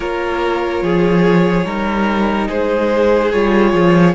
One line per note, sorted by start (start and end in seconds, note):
0.00 0.82 A#3
0.00 1.65 F4
0.00 0.83 A#4
0.00 2.46 C#5
0.82 1.64 F3
0.82 1.65 G#4
1.64 2.47 G3
1.64 3.32 D#4
1.64 2.48 A#4
2.48 3.33 G#3
2.48 4.14 G#4
2.48 3.32 C5
3.32 3.72 G3
3.32 4.14 F4
3.32 4.14 C#5
3.72 4.14 F3